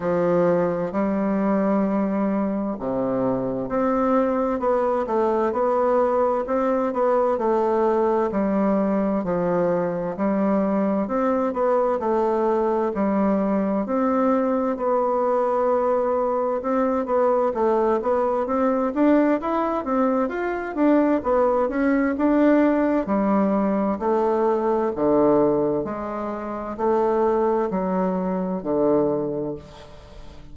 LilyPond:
\new Staff \with { instrumentName = "bassoon" } { \time 4/4 \tempo 4 = 65 f4 g2 c4 | c'4 b8 a8 b4 c'8 b8 | a4 g4 f4 g4 | c'8 b8 a4 g4 c'4 |
b2 c'8 b8 a8 b8 | c'8 d'8 e'8 c'8 f'8 d'8 b8 cis'8 | d'4 g4 a4 d4 | gis4 a4 fis4 d4 | }